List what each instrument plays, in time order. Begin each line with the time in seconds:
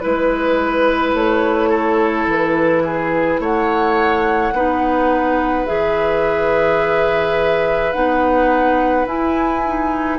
0.00 bassoon G#3, clarinet E4, flute B4, oboe B4
1.14 bassoon A3, flute C#5
1.70 oboe A4
2.27 bassoon E3, flute B4
2.84 oboe G#4
3.39 bassoon A3, oboe C#5, flute F#5
4.52 bassoon B3, clarinet D#4, oboe B4
5.66 bassoon E3, clarinet G#4, flute E5
7.93 bassoon B3, clarinet D#4, flute F#5
9.06 bassoon E4, clarinet E4, flute G#5
9.66 clarinet D#4